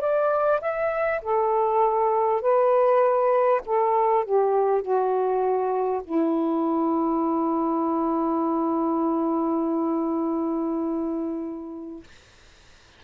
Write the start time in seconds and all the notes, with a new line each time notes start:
0.00 D5
0.61 E5
1.22 A4
2.41 B4
3.65 A4
4.24 G4
4.82 F#4
6.03 E4